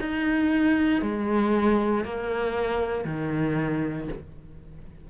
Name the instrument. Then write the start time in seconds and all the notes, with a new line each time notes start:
cello
0.00 D#4
1.02 G#3
2.05 A#3
3.05 D#3